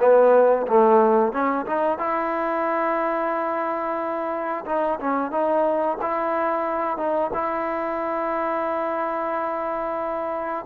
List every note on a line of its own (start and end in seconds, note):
0.00 0.67 B3
0.68 1.33 A3
1.33 1.66 C#4
1.66 1.98 D#4
1.98 4.65 E4
4.66 4.99 D#4
5.00 5.31 C#4
5.31 5.98 D#4
6.02 6.98 E4
6.98 7.31 D#4
7.34 10.66 E4